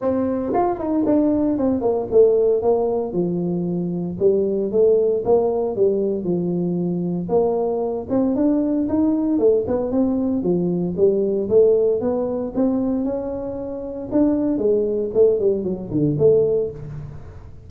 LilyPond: \new Staff \with { instrumentName = "tuba" } { \time 4/4 \tempo 4 = 115 c'4 f'8 dis'8 d'4 c'8 ais8 | a4 ais4 f2 | g4 a4 ais4 g4 | f2 ais4. c'8 |
d'4 dis'4 a8 b8 c'4 | f4 g4 a4 b4 | c'4 cis'2 d'4 | gis4 a8 g8 fis8 d8 a4 | }